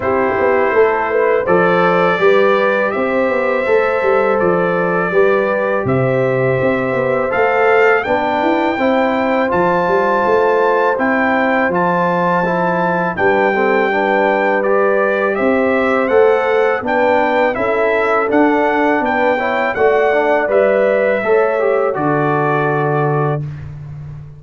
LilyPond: <<
  \new Staff \with { instrumentName = "trumpet" } { \time 4/4 \tempo 4 = 82 c''2 d''2 | e''2 d''2 | e''2 f''4 g''4~ | g''4 a''2 g''4 |
a''2 g''2 | d''4 e''4 fis''4 g''4 | e''4 fis''4 g''4 fis''4 | e''2 d''2 | }
  \new Staff \with { instrumentName = "horn" } { \time 4/4 g'4 a'8 b'8 c''4 b'4 | c''2. b'4 | c''2. b'4 | c''1~ |
c''2 b'8 a'8 b'4~ | b'4 c''2 b'4 | a'2 b'8 cis''8 d''4~ | d''4 cis''4 a'2 | }
  \new Staff \with { instrumentName = "trombone" } { \time 4/4 e'2 a'4 g'4~ | g'4 a'2 g'4~ | g'2 a'4 d'4 | e'4 f'2 e'4 |
f'4 e'4 d'8 c'8 d'4 | g'2 a'4 d'4 | e'4 d'4. e'8 fis'8 d'8 | b'4 a'8 g'8 fis'2 | }
  \new Staff \with { instrumentName = "tuba" } { \time 4/4 c'8 b8 a4 f4 g4 | c'8 b8 a8 g8 f4 g4 | c4 c'8 b8 a4 b8 e'8 | c'4 f8 g8 a4 c'4 |
f2 g2~ | g4 c'4 a4 b4 | cis'4 d'4 b4 a4 | g4 a4 d2 | }
>>